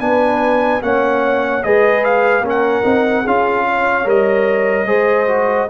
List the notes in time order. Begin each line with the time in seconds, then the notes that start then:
0.00 B3 D4 B4 G#5
0.82 A#3 C#4 C#5 F#5
1.64 G#3 G#4 B4 D#5
2.04 F5
2.41 A#3 C#4 A#4
2.49 F#5
2.83 C4 D#4
3.23 C#4 F4 G#4 F5
3.68 C#5
4.04 G3 A#4 D#5
4.85 G#3 G#4 C5
5.27 F#4